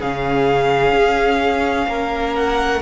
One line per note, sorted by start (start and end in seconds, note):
0.00 0.93 C#3
0.00 2.82 C#4
0.00 1.88 G#4
0.00 2.36 F5
0.93 1.87 C#4
1.87 2.81 A#3
1.87 2.82 A#4
2.36 2.82 F#5